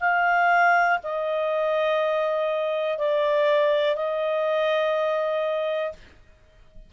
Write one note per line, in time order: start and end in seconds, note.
0.00 0.98 F5
1.03 2.98 D#5
2.98 3.96 D5
3.96 5.92 D#5